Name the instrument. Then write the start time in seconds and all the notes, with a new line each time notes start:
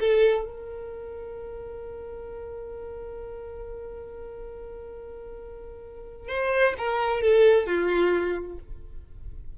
violin
0.00 A4
0.45 A#4
6.29 C5
6.78 A#4
7.21 A4
7.66 F4